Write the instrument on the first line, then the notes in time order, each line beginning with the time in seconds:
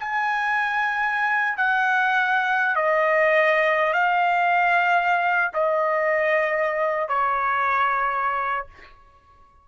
trumpet
0.00 G#5
1.58 F#5
2.76 D#5
3.94 F5
5.54 D#5
7.09 C#5